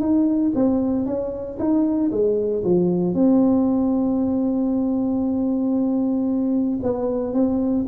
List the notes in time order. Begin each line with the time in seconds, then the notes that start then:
0.00 D#4
0.55 C4
1.06 C#4
1.59 D#4
2.11 G#3
2.63 F3
3.14 C4
6.82 B3
7.33 C4